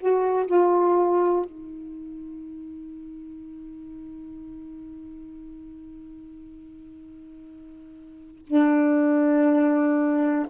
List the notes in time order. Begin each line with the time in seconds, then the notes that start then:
0.00 F#4
0.46 F4
1.45 D#4
8.47 D4